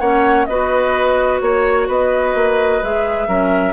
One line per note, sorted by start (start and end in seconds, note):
0.00 0.47 A#3
0.00 0.49 C#4
0.00 0.47 C#5
0.00 0.46 F#5
0.46 1.41 B3
0.46 2.83 F#4
0.46 1.42 B4
0.46 1.39 D#5
1.41 1.88 A#3
1.41 1.88 C#5
1.88 2.35 B3
1.88 3.28 B4
1.88 2.84 D#5
2.35 2.81 A#3
2.83 3.28 G#3
2.83 3.29 G#4
2.83 3.73 E5
3.28 3.73 F#3
3.28 3.73 C#4
3.28 3.73 A#4